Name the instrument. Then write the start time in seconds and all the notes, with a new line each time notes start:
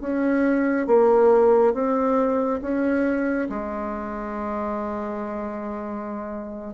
bassoon
0.00 C#4
0.86 A#3
1.73 C4
2.61 C#4
3.49 G#3